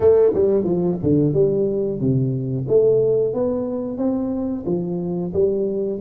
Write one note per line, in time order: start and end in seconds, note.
0.00 0.32 A3
0.33 0.64 G3
0.64 0.97 F3
1.02 1.33 D3
1.33 2.00 G3
2.00 2.66 C3
2.68 3.33 A3
3.33 3.97 B3
3.97 4.64 C4
4.66 5.32 F3
5.33 6.00 G3